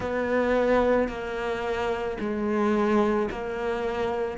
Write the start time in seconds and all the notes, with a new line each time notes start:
0.00 B3
1.08 A#3
2.20 G#3
3.30 A#3